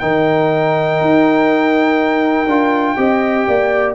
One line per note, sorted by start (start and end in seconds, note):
0.00 1.01 D#3
0.00 2.47 D#4
0.00 2.98 A#4
0.00 3.93 G5
1.01 2.47 D#4
2.47 2.96 D4
2.47 2.97 F4
2.97 3.47 C4
2.97 3.95 G4
2.97 3.47 D#5
3.48 3.95 A#3
3.48 3.95 D5